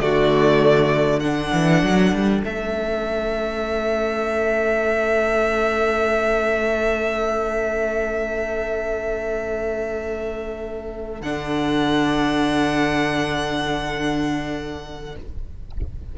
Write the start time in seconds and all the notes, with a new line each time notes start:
0.00 D3 A3 F#4 D5
1.20 D4 A4 F#5
1.53 E3
1.83 F#3
2.13 G3
2.43 A3 C#4 E5
11.21 D3 D4 F#5